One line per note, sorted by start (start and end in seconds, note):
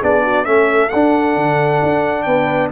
0.00 0.46 B3
0.00 0.45 D4
0.00 0.22 G#4
0.00 0.45 D5
0.23 0.45 F#4
0.45 0.91 A3
0.45 0.90 C#4
0.45 2.26 A4
0.45 0.89 E5
0.89 1.36 D4
0.89 2.72 D4
0.89 2.23 F#5
1.36 1.81 D3
1.83 2.26 D4
2.23 2.71 B3
2.23 2.71 B4
2.23 2.68 G5